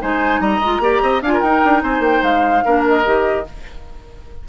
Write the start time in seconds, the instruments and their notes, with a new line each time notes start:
0.00 bassoon G#3, clarinet D#4, oboe C5, flute G#5
0.40 bassoon G3, oboe D#5, flute A#5
0.59 bassoon G#3, clarinet F4
0.79 bassoon A#3, clarinet G4, oboe D5
1.02 bassoon C4, oboe D#5
1.21 bassoon D4, clarinet F4, oboe F5, flute G#5
1.33 oboe A#4
1.41 bassoon D#4, clarinet D#4, flute G5
1.65 bassoon D4
1.83 bassoon C4, oboe C5, flute G#5
1.99 bassoon A#3, flute G5
2.22 bassoon G#3, flute F5
2.65 bassoon A#3, clarinet D4, oboe A#4
2.87 flute D#5
3.03 bassoon D#3, clarinet G4